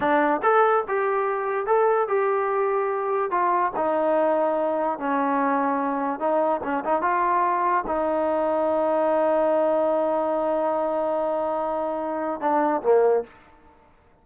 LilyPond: \new Staff \with { instrumentName = "trombone" } { \time 4/4 \tempo 4 = 145 d'4 a'4 g'2 | a'4 g'2. | f'4 dis'2. | cis'2. dis'4 |
cis'8 dis'8 f'2 dis'4~ | dis'1~ | dis'1~ | dis'2 d'4 ais4 | }